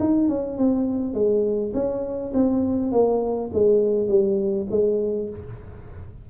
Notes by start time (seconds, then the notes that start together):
0.00 D#4
0.29 C#4
0.58 C4
1.14 G#3
1.74 C#4
2.34 C4
2.92 A#3
3.53 G#3
4.08 G3
4.71 G#3